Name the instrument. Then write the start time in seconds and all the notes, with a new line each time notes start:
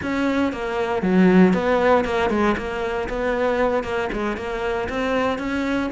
cello
0.02 C#4
0.52 A#3
1.02 F#3
1.53 B3
2.04 A#3
2.29 G#3
2.57 A#3
3.08 B3
3.83 A#3
4.12 G#3
4.37 A#3
4.89 C4
5.38 C#4